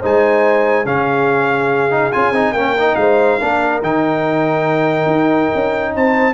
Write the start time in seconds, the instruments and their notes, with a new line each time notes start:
0.00 tuba G#3, trombone D#4, horn C5, trumpet G#5
0.85 tuba C#3, trombone C#4, horn G#4, trumpet F5
1.91 trombone D#4
2.12 tuba C#4, trombone F4, trumpet G#5
2.31 tuba C4, trombone D#4
2.52 tuba A#3, trombone C#4, horn A#4, trumpet G5
2.78 trombone D#4
2.95 tuba G#3, horn C5, trumpet F5
3.40 tuba A#3, trombone D4, horn A#4
3.82 tuba D#3, trombone D#4, trumpet G5
5.06 tuba D#4
5.55 tuba C#4
5.95 tuba C4, horn C5, trumpet A5